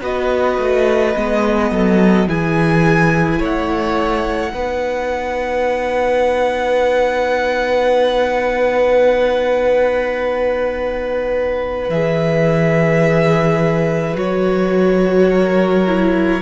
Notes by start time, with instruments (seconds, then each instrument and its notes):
0.00 cello B3, viola F#4, violin B4 D#5
0.58 cello A3
1.14 cello G#3, viola B3
1.71 cello F#3, violin A4
2.27 cello E3, viola E4, violin G#4 G#5
3.38 cello A3, violin C#5 F#5
4.53 cello B3, viola D#4, violin B4
11.89 cello E3, viola G#4, violin E5
14.14 cello F#3, viola F#4, violin C#5
15.30 violin A#4
15.86 viola E4